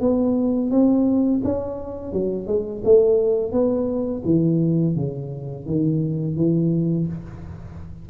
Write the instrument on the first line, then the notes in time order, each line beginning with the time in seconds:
tuba
0.00 B3
0.70 C4
1.44 C#4
2.12 F#3
2.46 G#3
2.84 A3
3.52 B3
4.24 E3
4.95 C#3
5.66 D#3
6.36 E3